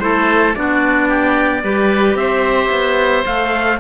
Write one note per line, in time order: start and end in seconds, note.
0.00 0.55 A3
0.00 0.55 E4
0.00 0.57 A4
0.00 0.54 C5
0.55 1.63 B3
0.55 1.63 D4
0.55 1.09 F#4
0.55 2.17 D5
1.09 1.63 G4
1.63 2.15 G3
1.63 3.25 G4
1.63 2.18 B4
2.15 2.69 C4
2.15 3.80 C5
2.15 3.25 E5
2.70 3.24 B3
3.25 3.80 A3
3.25 3.79 A4
3.25 3.80 F5